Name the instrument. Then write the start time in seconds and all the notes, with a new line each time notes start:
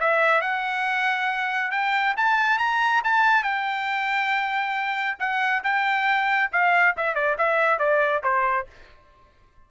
trumpet
0.00 E5
0.41 F#5
1.71 G5
2.17 A5
2.59 A#5
3.04 A5
3.43 G5
5.19 F#5
5.63 G5
6.52 F5
6.97 E5
7.15 D5
7.38 E5
7.79 D5
8.23 C5